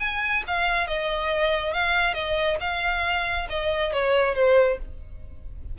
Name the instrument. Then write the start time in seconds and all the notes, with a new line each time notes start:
violin
0.00 G#5
0.48 F5
0.87 D#5
1.74 F5
2.14 D#5
2.61 F5
3.50 D#5
3.93 C#5
4.35 C5